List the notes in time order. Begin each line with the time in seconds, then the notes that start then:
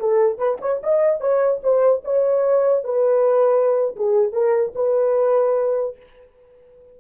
0.00 A4
0.38 B4
0.62 C#5
0.83 D#5
1.21 C#5
1.63 C5
2.05 C#5
2.84 B4
3.96 G#4
4.33 A#4
4.76 B4